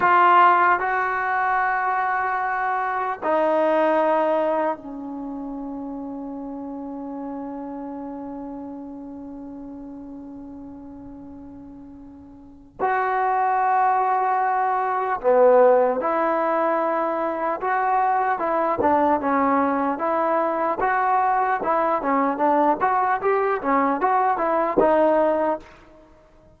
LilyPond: \new Staff \with { instrumentName = "trombone" } { \time 4/4 \tempo 4 = 75 f'4 fis'2. | dis'2 cis'2~ | cis'1~ | cis'1 |
fis'2. b4 | e'2 fis'4 e'8 d'8 | cis'4 e'4 fis'4 e'8 cis'8 | d'8 fis'8 g'8 cis'8 fis'8 e'8 dis'4 | }